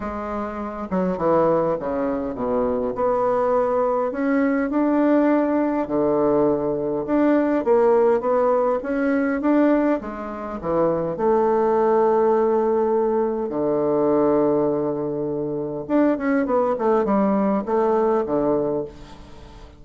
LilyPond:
\new Staff \with { instrumentName = "bassoon" } { \time 4/4 \tempo 4 = 102 gis4. fis8 e4 cis4 | b,4 b2 cis'4 | d'2 d2 | d'4 ais4 b4 cis'4 |
d'4 gis4 e4 a4~ | a2. d4~ | d2. d'8 cis'8 | b8 a8 g4 a4 d4 | }